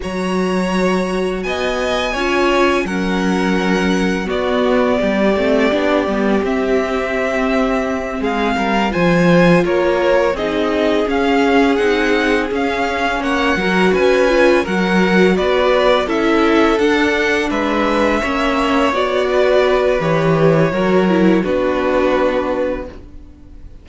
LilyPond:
<<
  \new Staff \with { instrumentName = "violin" } { \time 4/4 \tempo 4 = 84 ais''2 gis''2 | fis''2 d''2~ | d''4 e''2~ e''8 f''8~ | f''8 gis''4 cis''4 dis''4 f''8~ |
f''8 fis''4 f''4 fis''4 gis''8~ | gis''8 fis''4 d''4 e''4 fis''8~ | fis''8 e''2 d''4. | cis''2 b'2 | }
  \new Staff \with { instrumentName = "violin" } { \time 4/4 cis''2 dis''4 cis''4 | ais'2 fis'4 g'4~ | g'2.~ g'8 gis'8 | ais'8 c''4 ais'4 gis'4.~ |
gis'2~ gis'8 cis''8 ais'8 b'8~ | b'8 ais'4 b'4 a'4.~ | a'8 b'4 cis''4. b'4~ | b'4 ais'4 fis'2 | }
  \new Staff \with { instrumentName = "viola" } { \time 4/4 fis'2. f'4 | cis'2 b4. c'8 | d'8 b8 c'2.~ | c'8 f'2 dis'4 cis'8~ |
cis'8 dis'4 cis'4. fis'4 | f'8 fis'2 e'4 d'8~ | d'4. cis'4 fis'4. | g'4 fis'8 e'8 d'2 | }
  \new Staff \with { instrumentName = "cello" } { \time 4/4 fis2 b4 cis'4 | fis2 b4 g8 a8 | b8 g8 c'2~ c'8 gis8 | g8 f4 ais4 c'4 cis'8~ |
cis'8 c'4 cis'4 ais8 fis8 cis'8~ | cis'8 fis4 b4 cis'4 d'8~ | d'8 gis4 ais4 b4. | e4 fis4 b2 | }
>>